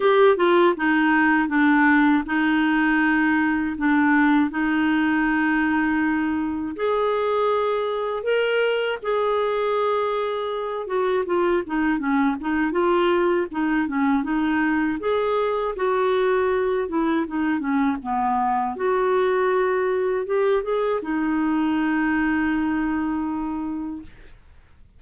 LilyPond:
\new Staff \with { instrumentName = "clarinet" } { \time 4/4 \tempo 4 = 80 g'8 f'8 dis'4 d'4 dis'4~ | dis'4 d'4 dis'2~ | dis'4 gis'2 ais'4 | gis'2~ gis'8 fis'8 f'8 dis'8 |
cis'8 dis'8 f'4 dis'8 cis'8 dis'4 | gis'4 fis'4. e'8 dis'8 cis'8 | b4 fis'2 g'8 gis'8 | dis'1 | }